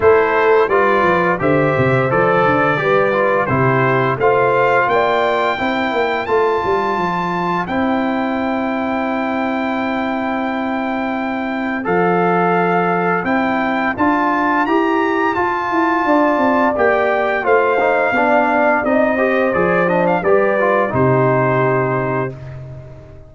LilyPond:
<<
  \new Staff \with { instrumentName = "trumpet" } { \time 4/4 \tempo 4 = 86 c''4 d''4 e''4 d''4~ | d''4 c''4 f''4 g''4~ | g''4 a''2 g''4~ | g''1~ |
g''4 f''2 g''4 | a''4 ais''4 a''2 | g''4 f''2 dis''4 | d''8 dis''16 f''16 d''4 c''2 | }
  \new Staff \with { instrumentName = "horn" } { \time 4/4 a'4 b'4 c''2 | b'4 g'4 c''4 d''4 | c''1~ | c''1~ |
c''1~ | c''2. d''4~ | d''4 c''4 d''4. c''8~ | c''4 b'4 g'2 | }
  \new Staff \with { instrumentName = "trombone" } { \time 4/4 e'4 f'4 g'4 a'4 | g'8 f'8 e'4 f'2 | e'4 f'2 e'4~ | e'1~ |
e'4 a'2 e'4 | f'4 g'4 f'2 | g'4 f'8 dis'8 d'4 dis'8 g'8 | gis'8 d'8 g'8 f'8 dis'2 | }
  \new Staff \with { instrumentName = "tuba" } { \time 4/4 a4 g8 f8 d8 c8 f8 d8 | g4 c4 a4 ais4 | c'8 ais8 a8 g8 f4 c'4~ | c'1~ |
c'4 f2 c'4 | d'4 e'4 f'8 e'8 d'8 c'8 | ais4 a4 b4 c'4 | f4 g4 c2 | }
>>